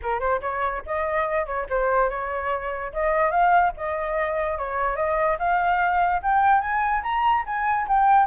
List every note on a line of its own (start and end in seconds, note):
0.02 0.20 A#4
0.20 0.40 C5
0.41 0.82 C#5
0.86 1.45 D#5
1.45 1.66 C#5
1.69 2.09 C5
2.09 2.92 C#5
2.92 3.30 D#5
3.30 3.72 F5
3.77 4.58 D#5
4.58 4.96 C#5
4.96 5.37 D#5
5.38 6.21 F5
6.22 6.60 G5
6.60 7.02 G#5
7.02 7.44 A#5
7.46 7.87 G#5
7.88 8.26 G5